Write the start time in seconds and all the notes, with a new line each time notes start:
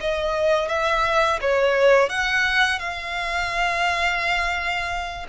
0.00 D#5
0.68 E5
1.41 C#5
2.09 F#5
2.79 F5